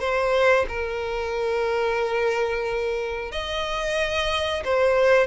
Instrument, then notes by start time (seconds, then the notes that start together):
violin
0.00 C5
0.69 A#4
3.32 D#5
4.65 C5